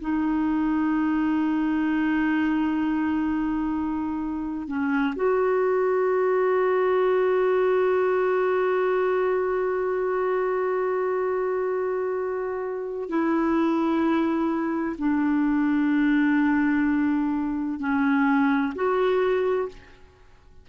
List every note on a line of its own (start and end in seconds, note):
0.00 4.67 D#4
4.67 5.14 C#4
5.15 13.08 F#4
13.08 14.96 E4
14.98 17.79 D4
17.79 18.73 C#4
18.75 19.68 F#4